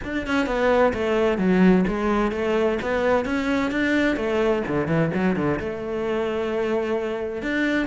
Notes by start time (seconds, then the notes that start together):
0.04 D4
0.26 C#4
0.46 B3
0.93 A3
1.38 F#3
1.87 G#3
2.31 A3
2.82 B3
3.25 C#4
3.71 D4
4.16 A3
4.67 D3
4.87 E3
5.14 F#3
5.36 D3
5.59 A3
7.42 D4